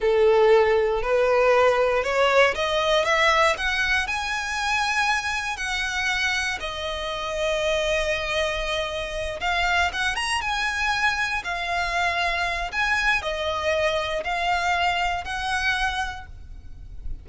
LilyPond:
\new Staff \with { instrumentName = "violin" } { \time 4/4 \tempo 4 = 118 a'2 b'2 | cis''4 dis''4 e''4 fis''4 | gis''2. fis''4~ | fis''4 dis''2.~ |
dis''2~ dis''8 f''4 fis''8 | ais''8 gis''2 f''4.~ | f''4 gis''4 dis''2 | f''2 fis''2 | }